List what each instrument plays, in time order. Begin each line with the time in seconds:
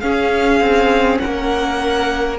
0.00 viola C#4, cello C#4, violin G#4 F5
0.60 cello C4
1.19 cello A#3, violin A#4 F#5